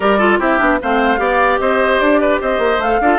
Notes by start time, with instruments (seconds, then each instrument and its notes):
0.00 bassoon G3, clarinet G4, oboe A#4, flute D5
0.18 clarinet F4, oboe A4
0.39 bassoon C4, clarinet E4, oboe G4, flute E5
0.58 bassoon B3, clarinet D4
0.82 bassoon A3, clarinet C4, oboe C5, flute F5
1.17 bassoon B3, clarinet G4, oboe D5
1.59 bassoon C4, oboe C5, flute D#5
1.99 bassoon D4, flute D5
2.20 oboe B4
2.41 bassoon C4, oboe C5, flute D#5
2.58 bassoon A#3
2.78 bassoon A3, clarinet A4, flute F5
3.00 bassoon D4, clarinet F4, oboe A4